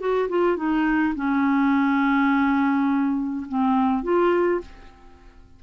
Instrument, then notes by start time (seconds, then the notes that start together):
clarinet
0.00 F#4
0.29 F4
0.57 D#4
1.15 C#4
3.49 C4
4.03 F4